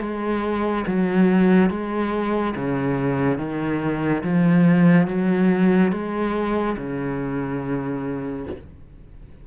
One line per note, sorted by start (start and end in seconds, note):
0.00 0.85 G#3
0.86 1.70 F#3
1.70 2.54 G#3
2.55 3.38 C#3
3.38 4.22 D#3
4.23 5.07 F3
5.07 5.92 F#3
5.92 6.76 G#3
6.77 8.46 C#3